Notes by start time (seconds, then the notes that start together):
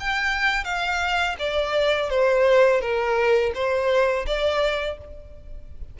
0.00 G5
0.64 F5
1.39 D5
2.10 C5
2.81 A#4
3.55 C5
4.26 D5